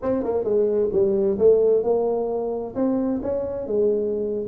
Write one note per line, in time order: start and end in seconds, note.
0.02 0.23 C4
0.23 0.44 A#3
0.44 0.89 G#3
0.92 1.38 G3
1.38 1.83 A3
1.83 2.74 A#3
2.75 3.20 C4
3.22 3.66 C#4
3.66 4.47 G#3